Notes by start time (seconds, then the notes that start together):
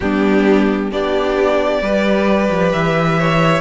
0.00 G3 B3 D4 G4
0.91 B3 D4 G4 D5
1.81 G3 G4 B4
2.50 F3
2.72 E3 E5
3.19 C#5